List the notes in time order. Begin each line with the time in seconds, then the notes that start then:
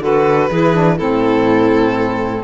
0.00 D3 F#4 A4 B4
0.50 E3 E4 G#4
0.73 D4
0.96 A2 C4 E4 A4